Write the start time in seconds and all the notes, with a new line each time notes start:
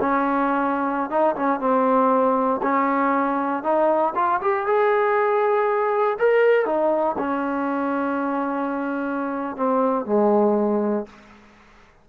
0.00 C#4
1.10 D#4
1.35 C#4
1.60 C4
2.62 C#4
3.63 D#4
4.15 F4
4.41 G4
4.66 G#4
6.18 A#4
6.65 D#4
7.18 C#4
9.56 C4
10.05 G#3